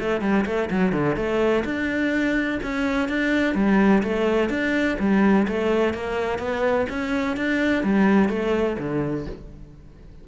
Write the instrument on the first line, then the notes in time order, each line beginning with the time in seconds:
cello
0.00 A3
0.21 G3
0.46 A3
0.70 F#3
0.93 D3
1.16 A3
1.65 D4
2.63 C#4
3.09 D4
3.55 G3
4.03 A3
4.50 D4
5.00 G3
5.48 A3
5.94 A#3
6.39 B3
6.90 C#4
7.37 D4
7.84 G3
8.29 A3
8.79 D3